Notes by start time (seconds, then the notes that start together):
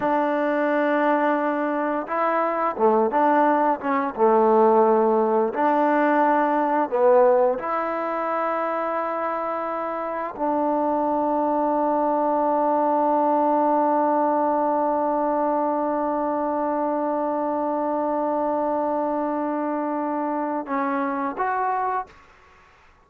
0.00 D4
2.07 E4
2.77 A3
3.10 D4
3.80 C#4
4.15 A3
5.53 D4
6.89 B3
7.59 E4
10.36 D4
20.66 C#4
21.37 F#4